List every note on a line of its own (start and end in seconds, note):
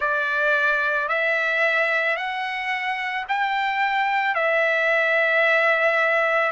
0.00 1.08 D5
1.08 2.16 E5
2.16 3.25 F#5
3.28 4.34 G5
4.34 6.52 E5